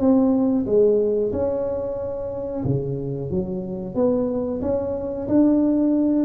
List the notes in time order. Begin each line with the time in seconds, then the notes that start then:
0.00 C4
0.67 G#3
1.33 C#4
2.65 C#3
3.31 F#3
3.95 B3
4.62 C#4
5.29 D4